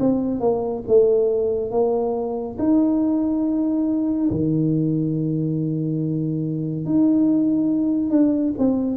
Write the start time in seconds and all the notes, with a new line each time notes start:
0.00 C4
0.41 A#3
0.88 A3
1.71 A#3
2.59 D#4
4.31 D#3
6.86 D#4
8.11 D4
8.58 C4